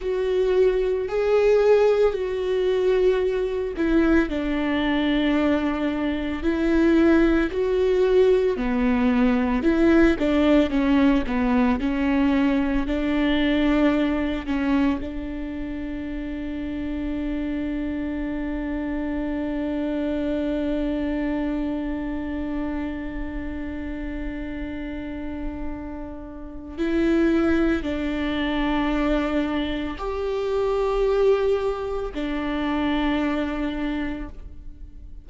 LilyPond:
\new Staff \with { instrumentName = "viola" } { \time 4/4 \tempo 4 = 56 fis'4 gis'4 fis'4. e'8 | d'2 e'4 fis'4 | b4 e'8 d'8 cis'8 b8 cis'4 | d'4. cis'8 d'2~ |
d'1~ | d'1~ | d'4 e'4 d'2 | g'2 d'2 | }